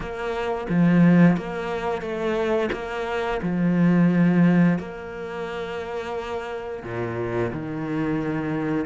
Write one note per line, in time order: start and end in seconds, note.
0.00 0.67 A#3
0.69 1.36 F3
1.36 2.01 A#3
2.01 2.69 A3
2.72 3.40 A#3
3.42 4.78 F3
4.78 6.83 A#3
6.83 7.51 A#2
7.52 8.85 D#3